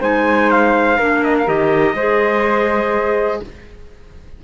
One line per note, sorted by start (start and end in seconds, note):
0.00 0.98 G#3
0.00 0.98 D#4
0.00 0.97 C5
0.00 0.50 G#5
0.50 1.24 F5
0.97 1.47 A#3
0.97 1.46 D4
0.97 1.95 A#4
1.24 1.36 D#5
1.38 1.48 F5
1.46 1.94 D#3
1.46 1.94 G4
1.46 3.43 D#5
1.94 3.40 G#3
1.94 3.44 G#4
1.94 3.41 C5